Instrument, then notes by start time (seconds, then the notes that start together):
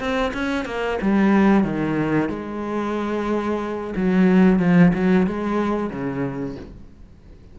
cello
0.00 C4
0.34 C#4
0.66 A#3
1.02 G3
1.65 D#3
2.30 G#3
3.97 F#3
4.60 F3
4.95 F#3
5.27 G#3
5.91 C#3